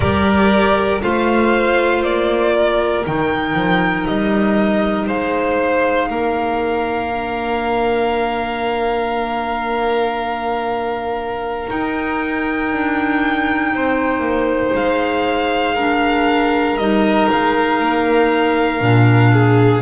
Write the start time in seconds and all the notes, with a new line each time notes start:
0.00 G3 G4 A#4 D5
1.00 A3 F4 C5 F5
2.02 A#3 D5
2.54 A#4
3.06 D#3 D#4 G5
3.54 F3
4.06 G3 D#5
5.07 G#3 C5 F5
6.09 A#3 A#4
7.10 D4
11.67 D#4 G5
12.72 D4
13.73 C4 C5
14.19 A#3
14.73 G#3 F5
15.74 D4 A#4
16.77 G3 D#4 D#5
17.30 G#3 F5
17.80 A#3
18.79 A#2 D4
19.33 G#4